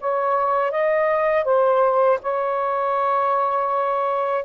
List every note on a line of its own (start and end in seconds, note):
0.00 0.71 C#5
0.71 1.44 D#5
1.44 2.19 C5
2.22 4.44 C#5